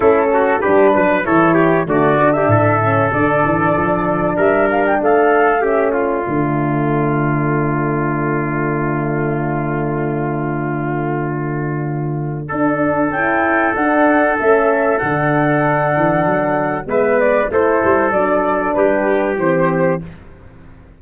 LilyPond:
<<
  \new Staff \with { instrumentName = "flute" } { \time 4/4 \tempo 4 = 96 a'4 b'4 cis''4 d''8. e''16~ | e''4 d''2 e''8 f''16 g''16 | f''4 e''8 d''2~ d''8~ | d''1~ |
d''1~ | d''4 g''4 fis''4 e''4 | fis''2. e''8 d''8 | c''4 d''4 b'4 c''4 | }
  \new Staff \with { instrumentName = "trumpet" } { \time 4/4 e'8 fis'8 g'8 b'8 a'8 g'8 fis'8. g'16 | a'2. ais'4 | a'4 g'8 f'2~ f'8~ | f'1~ |
f'1 | a'1~ | a'2. b'4 | a'2 g'2 | }
  \new Staff \with { instrumentName = "horn" } { \time 4/4 cis'4 d'4 e'4 a8 d'8~ | d'8 cis'8 d'2.~ | d'4 cis'4 a2~ | a1~ |
a1 | d'4 e'4 d'4 cis'4 | d'2. b4 | e'4 d'2 c'4 | }
  \new Staff \with { instrumentName = "tuba" } { \time 4/4 a4 g8 fis8 e4 d4 | a,4 d8 e8 f4 g4 | a2 d2~ | d1~ |
d1 | d'4 cis'4 d'4 a4 | d4. e8 fis4 gis4 | a8 g8 fis4 g4 e4 | }
>>